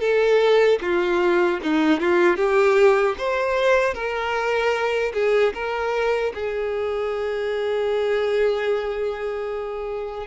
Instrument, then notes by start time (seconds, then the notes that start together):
violin
0.00 A4
0.81 F4
1.63 D#4
2.00 F4
2.36 G4
3.18 C5
3.94 A#4
5.14 G#4
5.54 A#4
6.34 G#4